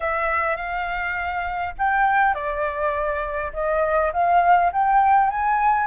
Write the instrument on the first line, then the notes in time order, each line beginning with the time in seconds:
flute
0.00 E5
0.56 F5
1.78 G5
2.34 D5
3.53 D#5
4.12 F5
4.72 G5
5.30 G#5